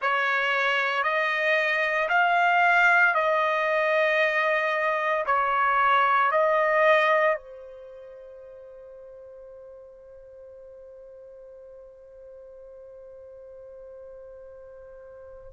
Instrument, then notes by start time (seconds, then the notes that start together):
trumpet
0.01 C#5
1.02 D#5
2.09 F5
3.14 D#5
5.26 C#5
6.31 D#5
7.35 C5